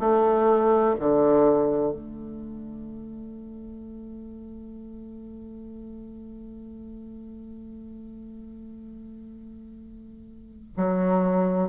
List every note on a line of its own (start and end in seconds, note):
0.00 0.95 A3
1.00 1.93 D3
1.93 10.74 A3
10.77 11.70 F#3